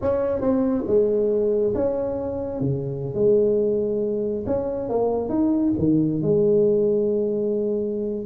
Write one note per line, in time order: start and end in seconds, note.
0.01 0.41 C#4
0.41 0.84 C4
0.87 1.74 G#3
1.74 2.60 C#4
2.60 3.14 C#3
3.14 4.44 G#3
4.46 4.89 C#4
4.89 5.29 A#3
5.29 5.72 D#4
5.78 6.22 D#3
6.22 8.25 G#3